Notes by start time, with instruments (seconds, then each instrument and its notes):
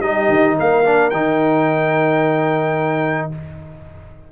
0.00 tuba G3, trombone D#4, horn G4, trumpet D#5
0.29 tuba D#3
0.58 tuba A#3, horn A#4, trumpet F5
0.84 trombone D4
1.10 tuba D#3, trombone D#4, trumpet G5